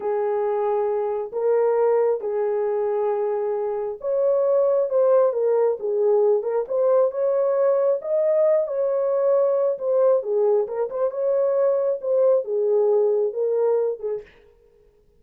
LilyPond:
\new Staff \with { instrumentName = "horn" } { \time 4/4 \tempo 4 = 135 gis'2. ais'4~ | ais'4 gis'2.~ | gis'4 cis''2 c''4 | ais'4 gis'4. ais'8 c''4 |
cis''2 dis''4. cis''8~ | cis''2 c''4 gis'4 | ais'8 c''8 cis''2 c''4 | gis'2 ais'4. gis'8 | }